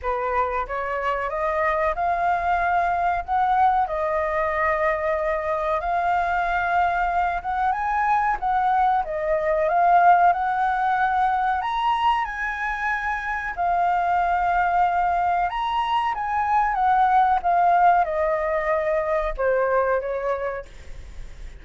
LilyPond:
\new Staff \with { instrumentName = "flute" } { \time 4/4 \tempo 4 = 93 b'4 cis''4 dis''4 f''4~ | f''4 fis''4 dis''2~ | dis''4 f''2~ f''8 fis''8 | gis''4 fis''4 dis''4 f''4 |
fis''2 ais''4 gis''4~ | gis''4 f''2. | ais''4 gis''4 fis''4 f''4 | dis''2 c''4 cis''4 | }